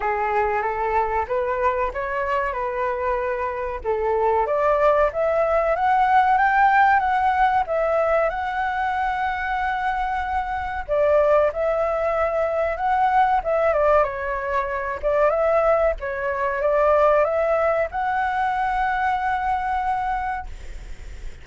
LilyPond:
\new Staff \with { instrumentName = "flute" } { \time 4/4 \tempo 4 = 94 gis'4 a'4 b'4 cis''4 | b'2 a'4 d''4 | e''4 fis''4 g''4 fis''4 | e''4 fis''2.~ |
fis''4 d''4 e''2 | fis''4 e''8 d''8 cis''4. d''8 | e''4 cis''4 d''4 e''4 | fis''1 | }